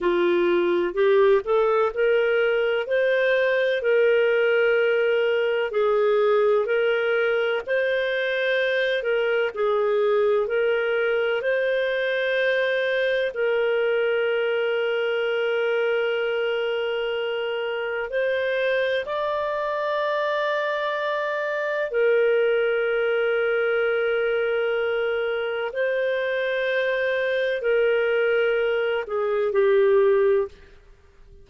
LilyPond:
\new Staff \with { instrumentName = "clarinet" } { \time 4/4 \tempo 4 = 63 f'4 g'8 a'8 ais'4 c''4 | ais'2 gis'4 ais'4 | c''4. ais'8 gis'4 ais'4 | c''2 ais'2~ |
ais'2. c''4 | d''2. ais'4~ | ais'2. c''4~ | c''4 ais'4. gis'8 g'4 | }